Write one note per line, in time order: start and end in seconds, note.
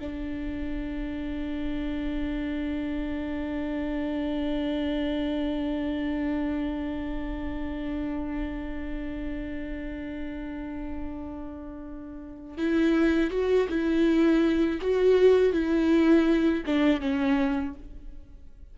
0.00 12.58 D4
12.58 13.31 E4
13.31 13.68 F#4
13.69 14.80 E4
14.81 15.53 F#4
15.53 16.64 E4
16.66 17.01 D4
17.01 17.75 C#4